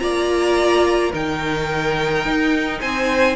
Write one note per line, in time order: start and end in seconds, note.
0.00 1.14 A#3
0.00 1.12 F4
0.00 1.11 D5
0.00 1.12 A#5
1.11 2.25 D#3
1.11 3.36 D#4
1.11 2.79 A#4
1.11 2.81 G5
2.25 2.81 D#4
2.81 3.36 C4
2.81 3.36 C5
2.81 3.36 G#5